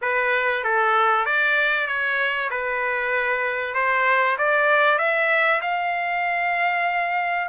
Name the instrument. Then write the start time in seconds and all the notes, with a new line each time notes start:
trumpet
0.01 B4
0.64 A4
1.25 D5
1.87 C#5
2.50 B4
3.74 C5
4.38 D5
4.98 E5
5.61 F5